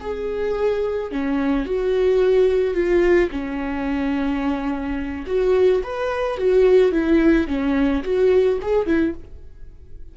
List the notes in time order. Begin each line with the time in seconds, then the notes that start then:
0.00 G#4
1.11 C#4
1.66 F#4
2.74 F4
3.31 C#4
5.27 F#4
5.83 B4
6.38 F#4
6.92 E4
7.47 C#4
8.04 F#4
8.62 G#4
8.86 E4